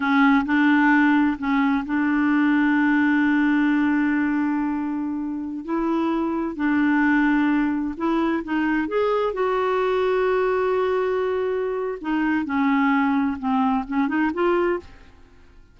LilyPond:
\new Staff \with { instrumentName = "clarinet" } { \time 4/4 \tempo 4 = 130 cis'4 d'2 cis'4 | d'1~ | d'1~ | d'16 e'2 d'4.~ d'16~ |
d'4~ d'16 e'4 dis'4 gis'8.~ | gis'16 fis'2.~ fis'8.~ | fis'2 dis'4 cis'4~ | cis'4 c'4 cis'8 dis'8 f'4 | }